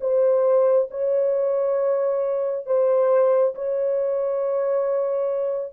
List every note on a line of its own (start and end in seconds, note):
0.00 0.88 C5
0.90 2.66 C#5
2.66 3.54 C5
3.55 5.73 C#5